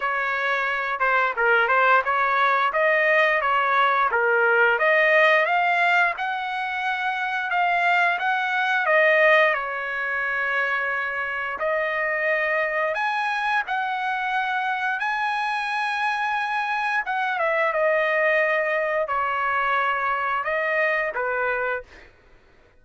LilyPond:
\new Staff \with { instrumentName = "trumpet" } { \time 4/4 \tempo 4 = 88 cis''4. c''8 ais'8 c''8 cis''4 | dis''4 cis''4 ais'4 dis''4 | f''4 fis''2 f''4 | fis''4 dis''4 cis''2~ |
cis''4 dis''2 gis''4 | fis''2 gis''2~ | gis''4 fis''8 e''8 dis''2 | cis''2 dis''4 b'4 | }